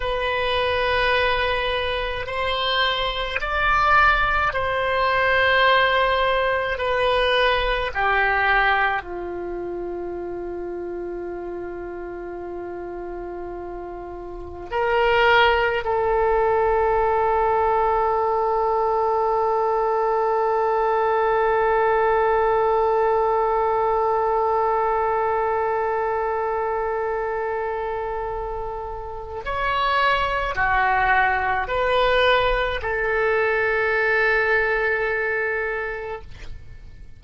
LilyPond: \new Staff \with { instrumentName = "oboe" } { \time 4/4 \tempo 4 = 53 b'2 c''4 d''4 | c''2 b'4 g'4 | f'1~ | f'4 ais'4 a'2~ |
a'1~ | a'1~ | a'2 cis''4 fis'4 | b'4 a'2. | }